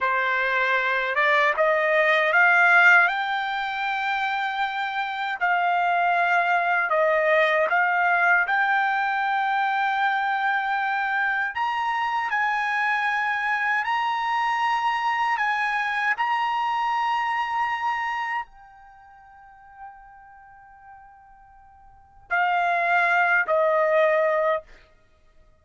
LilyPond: \new Staff \with { instrumentName = "trumpet" } { \time 4/4 \tempo 4 = 78 c''4. d''8 dis''4 f''4 | g''2. f''4~ | f''4 dis''4 f''4 g''4~ | g''2. ais''4 |
gis''2 ais''2 | gis''4 ais''2. | g''1~ | g''4 f''4. dis''4. | }